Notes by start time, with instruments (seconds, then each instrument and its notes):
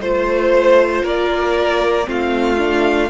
0.00 cello A3, viola F4, violin C5
1.04 cello A#3, violin A#4 D5
2.05 cello A3, viola C4, violin F4 F5
2.58 viola D4